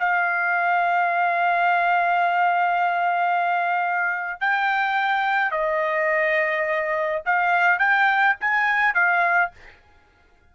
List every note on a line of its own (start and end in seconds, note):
0.00 4.41 F5
4.41 5.51 G5
5.51 7.23 D#5
7.26 7.79 F5
7.79 8.36 G5
8.41 8.95 G#5
8.95 9.52 F5